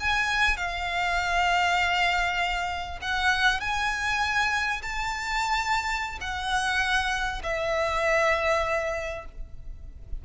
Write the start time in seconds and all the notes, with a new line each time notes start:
0.00 G#5
0.57 F5
3.02 F#5
3.60 G#5
4.82 A5
6.21 F#5
7.44 E5